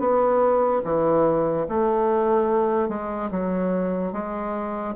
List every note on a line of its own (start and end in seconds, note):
0.00 0.82 B3
0.85 1.67 E3
1.69 2.89 A3
2.89 3.30 G#3
3.31 4.13 F#3
4.13 4.95 G#3